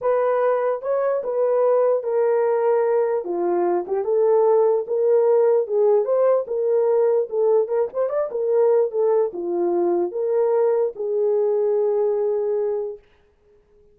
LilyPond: \new Staff \with { instrumentName = "horn" } { \time 4/4 \tempo 4 = 148 b'2 cis''4 b'4~ | b'4 ais'2. | f'4. g'8 a'2 | ais'2 gis'4 c''4 |
ais'2 a'4 ais'8 c''8 | d''8 ais'4. a'4 f'4~ | f'4 ais'2 gis'4~ | gis'1 | }